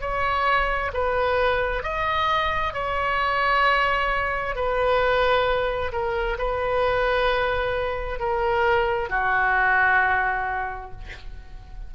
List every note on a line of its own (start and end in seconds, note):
0.00 0.91 C#5
0.93 1.83 B4
1.83 2.73 D#5
2.73 4.55 C#5
4.55 5.91 B4
5.92 6.37 A#4
6.38 8.19 B4
8.19 9.09 A#4
9.09 10.91 F#4